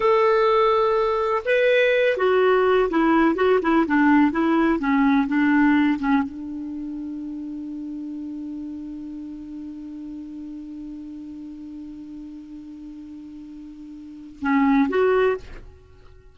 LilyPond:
\new Staff \with { instrumentName = "clarinet" } { \time 4/4 \tempo 4 = 125 a'2. b'4~ | b'8 fis'4. e'4 fis'8 e'8 | d'4 e'4 cis'4 d'4~ | d'8 cis'8 d'2.~ |
d'1~ | d'1~ | d'1~ | d'2 cis'4 fis'4 | }